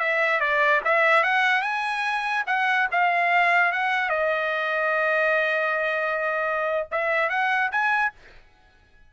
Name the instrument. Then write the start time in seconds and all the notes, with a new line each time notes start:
trumpet
0.00 E5
0.41 D5
0.85 E5
1.24 F#5
1.62 G#5
2.47 F#5
2.92 F5
3.73 F#5
4.10 D#5
6.92 E5
7.30 F#5
7.72 G#5